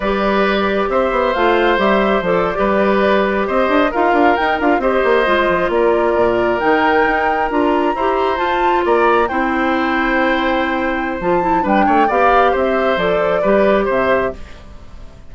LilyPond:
<<
  \new Staff \with { instrumentName = "flute" } { \time 4/4 \tempo 4 = 134 d''2 e''4 f''4 | e''4 d''2~ d''8. dis''16~ | dis''8. f''4 g''8 f''8 dis''4~ dis''16~ | dis''8. d''2 g''4~ g''16~ |
g''8. ais''2 a''4 ais''16~ | ais''8. g''2.~ g''16~ | g''4 a''4 g''4 f''4 | e''4 d''2 e''4 | }
  \new Staff \with { instrumentName = "oboe" } { \time 4/4 b'2 c''2~ | c''4.~ c''16 b'2 c''16~ | c''8. ais'2 c''4~ c''16~ | c''8. ais'2.~ ais'16~ |
ais'4.~ ais'16 c''2 d''16~ | d''8. c''2.~ c''16~ | c''2 b'8 cis''8 d''4 | c''2 b'4 c''4 | }
  \new Staff \with { instrumentName = "clarinet" } { \time 4/4 g'2. f'4 | g'4 a'8. g'2~ g'16~ | g'8. f'4 dis'8 f'8 g'4 f'16~ | f'2~ f'8. dis'4~ dis'16~ |
dis'8. f'4 g'4 f'4~ f'16~ | f'8. e'2.~ e'16~ | e'4 f'8 e'8 d'4 g'4~ | g'4 a'4 g'2 | }
  \new Staff \with { instrumentName = "bassoon" } { \time 4/4 g2 c'8 b8 a4 | g4 f8. g2 c'16~ | c'16 d'8 dis'8 d'8 dis'8 d'8 c'8 ais8 gis16~ | gis16 f8 ais4 ais,4 dis4 dis'16~ |
dis'8. d'4 e'4 f'4 ais16~ | ais8. c'2.~ c'16~ | c'4 f4 g8 a8 b4 | c'4 f4 g4 c4 | }
>>